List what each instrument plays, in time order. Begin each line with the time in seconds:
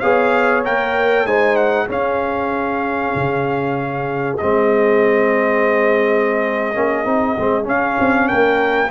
0.00 tuba B3, trombone G#4, horn C#5, trumpet F5
0.65 tuba A#3, trombone A#4, trumpet G5
1.25 tuba G#3, trombone D#4, horn C5, trumpet G#5
1.56 trumpet F#5
1.87 trombone C#4, tuba C#4, horn G#4, trumpet F5
3.15 tuba C#3
4.38 tuba G#3, trombone C4, trumpet D#5
6.74 tuba A#3, trombone C#4
7.05 tuba C4, trombone D#4
7.39 tuba G#3, trombone C4
7.63 trombone C#4, tuba C#4, trumpet F5
8.00 tuba C4
8.28 tuba A#3, horn A#4, trumpet G5